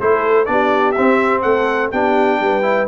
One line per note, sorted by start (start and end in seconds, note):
0.00 0.48 A3
0.00 0.46 E4
0.00 0.48 A4
0.00 0.45 C5
0.45 0.96 B3
0.45 0.95 D4
0.45 1.42 G4
0.45 0.92 D5
0.92 1.93 C4
0.92 1.40 E5
0.98 1.45 C4
1.42 1.92 A3
1.42 1.91 A4
1.42 1.90 F#5
1.91 2.41 B3
1.91 2.62 D4
1.91 2.40 G4
1.91 2.88 G5
2.41 2.88 G3
2.41 2.88 B4
2.62 2.86 E4